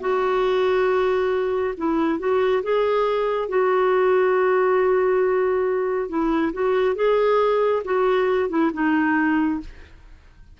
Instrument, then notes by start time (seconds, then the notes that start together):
clarinet
0.00 F#4
1.77 E4
2.19 F#4
2.62 G#4
3.48 F#4
6.09 E4
6.53 F#4
6.95 G#4
7.84 F#4
8.49 E4
8.73 D#4